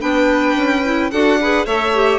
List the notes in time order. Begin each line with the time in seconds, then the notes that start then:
0.00 B3 D4 B4 G5
0.56 C#4
0.84 E4
1.11 D4 F#4 A4 F#5
1.41 G#4 B4
1.66 A3 A4 C#5 E5
1.94 G4